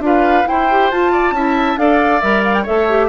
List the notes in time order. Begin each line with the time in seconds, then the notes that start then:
0.00 D4 F4 B4
0.06 F5
0.44 E4 C5 G5
0.51 E4
0.71 G4
0.91 F4 A5
1.12 D5
1.32 C#4 E4 E5
1.78 D4 A4 D5 F5
2.21 G3 A#4 E5
2.44 F5
2.54 G5
2.63 A3 A4 C#5 E5
2.89 G4